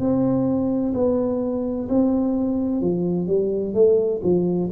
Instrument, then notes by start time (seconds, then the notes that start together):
tuba
0.00 C4
0.95 B3
1.89 C4
2.82 F3
3.28 G3
3.75 A3
4.24 F3